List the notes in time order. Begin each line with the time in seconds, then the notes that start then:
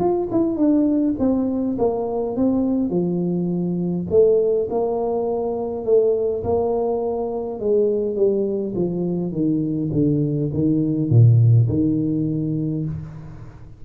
0.00 F4
0.32 E4
0.57 D4
1.19 C4
1.79 A#3
2.36 C4
2.90 F3
4.10 A3
4.71 A#3
5.85 A3
6.44 A#3
7.60 G#3
8.16 G3
8.76 F3
9.32 D#3
9.93 D3
10.54 D#3
11.11 A#2
11.69 D#3